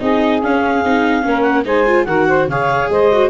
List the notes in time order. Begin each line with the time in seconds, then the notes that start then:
0.00 C4 D#4 G#4 D#5
0.42 C#4 F5
0.84 C4 D#4
1.22 A#3 C#4 A#4
1.42 F#5
1.65 G#3 D#4 C5 G#5
1.86 F4
2.05 D#3 F#4 A#4 F#5
2.27 C5
2.47 C#3 G#4 C#5 F5
2.89 G#3 C5 D#5
3.12 F#4